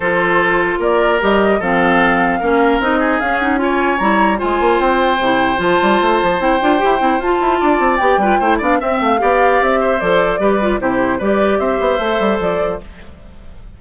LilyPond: <<
  \new Staff \with { instrumentName = "flute" } { \time 4/4 \tempo 4 = 150 c''2 d''4 dis''4 | f''2. dis''4 | f''8 fis''8 gis''4 ais''4 gis''4 | g''2 a''2 |
g''2 a''2 | g''4. f''8 e''8 f''4. | e''4 d''2 c''4 | d''4 e''2 d''4 | }
  \new Staff \with { instrumentName = "oboe" } { \time 4/4 a'2 ais'2 | a'2 ais'4. gis'8~ | gis'4 cis''2 c''4~ | c''1~ |
c''2. d''4~ | d''8 b'8 c''8 d''8 e''4 d''4~ | d''8 c''4. b'4 g'4 | b'4 c''2. | }
  \new Staff \with { instrumentName = "clarinet" } { \time 4/4 f'2. g'4 | c'2 cis'4 dis'4 | cis'8 dis'8 f'4 e'4 f'4~ | f'4 e'4 f'2 |
e'8 f'8 g'8 e'8 f'2 | g'8 f'8 e'8 d'8 c'4 g'4~ | g'4 a'4 g'8 f'8 e'4 | g'2 a'2 | }
  \new Staff \with { instrumentName = "bassoon" } { \time 4/4 f2 ais4 g4 | f2 ais4 c'4 | cis'2 g4 gis8 ais8 | c'4 c4 f8 g8 a8 f8 |
c'8 d'8 e'8 c'8 f'8 e'8 d'8 c'8 | b8 g8 a8 b8 c'8 a8 b4 | c'4 f4 g4 c4 | g4 c'8 b8 a8 g8 f4 | }
>>